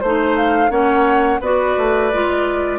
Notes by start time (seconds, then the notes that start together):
0.00 A3 D#4 C5
0.37 F5
0.70 A#3 C#4 C#5 F#5
1.40 B3 F#4 B4 D5
1.78 A3
2.13 G#3 F4